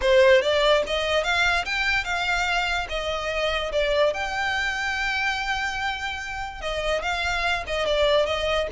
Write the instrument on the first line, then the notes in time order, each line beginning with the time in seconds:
violin
0.01 C5
0.41 D5
0.86 D#5
1.23 F5
1.65 G5
2.04 F5
2.89 D#5
3.72 D5
4.13 G5
6.61 D#5
7.02 F5
7.66 D#5
7.86 D5
8.26 D#5